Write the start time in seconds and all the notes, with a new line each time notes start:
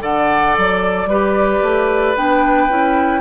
0.00 D3 A4 D5 F#5
0.57 F#3 D5
1.06 G3 G4 B4
1.62 A3
2.16 B3 D4 G5
2.69 C#4 E4